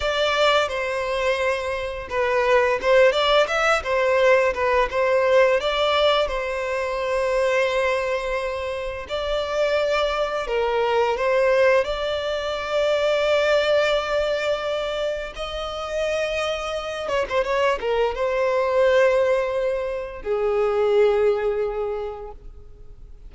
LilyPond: \new Staff \with { instrumentName = "violin" } { \time 4/4 \tempo 4 = 86 d''4 c''2 b'4 | c''8 d''8 e''8 c''4 b'8 c''4 | d''4 c''2.~ | c''4 d''2 ais'4 |
c''4 d''2.~ | d''2 dis''2~ | dis''8 cis''16 c''16 cis''8 ais'8 c''2~ | c''4 gis'2. | }